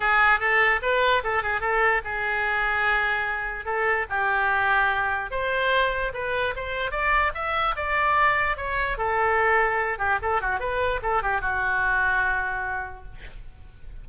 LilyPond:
\new Staff \with { instrumentName = "oboe" } { \time 4/4 \tempo 4 = 147 gis'4 a'4 b'4 a'8 gis'8 | a'4 gis'2.~ | gis'4 a'4 g'2~ | g'4 c''2 b'4 |
c''4 d''4 e''4 d''4~ | d''4 cis''4 a'2~ | a'8 g'8 a'8 fis'8 b'4 a'8 g'8 | fis'1 | }